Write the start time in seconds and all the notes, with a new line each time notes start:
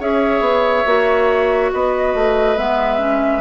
0.00 C#4 G#4 C#5 E5
0.41 B3
0.86 A#3 F#4
1.73 B3 B4 D#5
2.15 A3
2.56 G#3 B3 E5
2.99 C#4